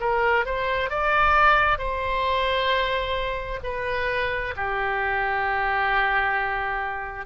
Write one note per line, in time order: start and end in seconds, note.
0.00 0.45 A#4
0.45 0.90 C5
0.90 1.78 D5
1.78 3.60 C5
3.63 4.54 B4
4.56 7.25 G4